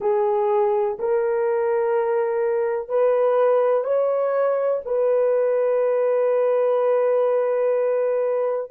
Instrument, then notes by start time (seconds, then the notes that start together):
horn
0.00 G#4
0.99 A#4
2.89 B4
3.84 C#5
4.85 B4